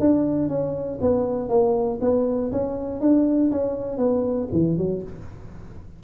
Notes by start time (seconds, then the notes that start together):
0.00 D4
0.49 C#4
1.01 B3
1.49 A#3
2.01 B3
2.52 C#4
3.01 D4
3.52 C#4
3.98 B3
4.52 E3
4.78 F#3